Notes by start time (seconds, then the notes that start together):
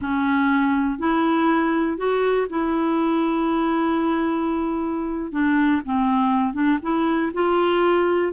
0.01 C#4
0.98 E4
1.97 F#4
2.49 E4
5.31 D4
5.85 C4
6.53 D4
6.82 E4
7.33 F4